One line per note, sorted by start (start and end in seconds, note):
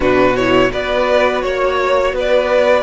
0.00 0.69 B2
0.00 0.35 D4
0.00 0.71 F#4
0.00 0.36 B4
0.36 0.70 E4
0.36 0.72 C#5
0.70 1.43 B3
0.70 2.83 F#4
0.70 1.43 B4
0.70 1.41 D5
1.41 2.12 A#3
1.41 2.13 C#5
1.41 2.14 C#5
2.12 2.83 B3
2.12 2.83 B4
2.19 2.83 D5